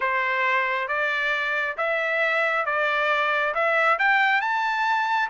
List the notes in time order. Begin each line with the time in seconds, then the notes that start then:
0.00 C5
0.88 D5
1.77 E5
2.65 D5
3.54 E5
3.98 G5
4.41 A5